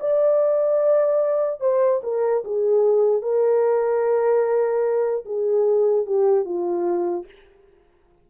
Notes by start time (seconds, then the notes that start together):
0.00 D5
1.61 C5
2.03 A#4
2.44 G#4
3.22 A#4
5.25 G#4
6.06 G4
6.45 F4